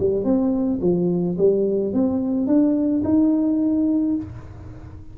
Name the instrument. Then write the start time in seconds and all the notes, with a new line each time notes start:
tuba
0.00 G3
0.24 C4
0.82 F3
1.38 G3
1.94 C4
2.47 D4
3.05 D#4